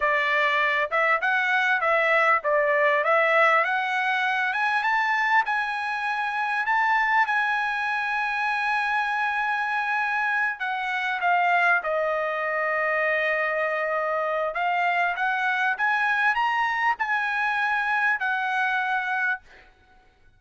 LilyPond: \new Staff \with { instrumentName = "trumpet" } { \time 4/4 \tempo 4 = 99 d''4. e''8 fis''4 e''4 | d''4 e''4 fis''4. gis''8 | a''4 gis''2 a''4 | gis''1~ |
gis''4. fis''4 f''4 dis''8~ | dis''1 | f''4 fis''4 gis''4 ais''4 | gis''2 fis''2 | }